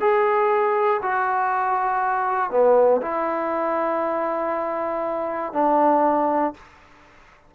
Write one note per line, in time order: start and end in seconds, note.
0.00 1.01 G#4
1.02 2.50 F#4
2.50 3.01 B3
3.02 5.53 E4
5.53 6.53 D4